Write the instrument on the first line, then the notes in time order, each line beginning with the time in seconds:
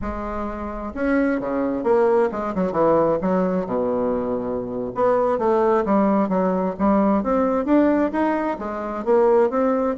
bassoon
0.01 G#3
0.94 C#4
1.40 C#3
1.83 A#3
2.31 G#3
2.54 F#3
2.72 E3
3.21 F#3
3.66 B2
4.94 B3
5.38 A3
5.85 G3
6.29 F#3
6.78 G3
7.23 C4
7.65 D4
8.12 D#4
8.59 G#3
9.04 A#3
9.50 C4